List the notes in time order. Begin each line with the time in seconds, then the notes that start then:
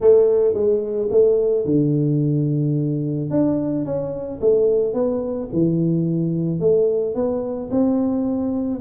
0.01 A3
0.54 G#3
1.10 A3
1.65 D3
3.30 D4
3.85 C#4
4.40 A3
4.93 B3
5.52 E3
6.60 A3
7.14 B3
7.70 C4